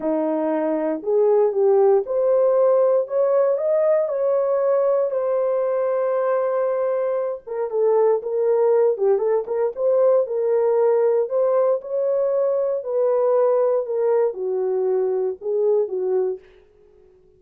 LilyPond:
\new Staff \with { instrumentName = "horn" } { \time 4/4 \tempo 4 = 117 dis'2 gis'4 g'4 | c''2 cis''4 dis''4 | cis''2 c''2~ | c''2~ c''8 ais'8 a'4 |
ais'4. g'8 a'8 ais'8 c''4 | ais'2 c''4 cis''4~ | cis''4 b'2 ais'4 | fis'2 gis'4 fis'4 | }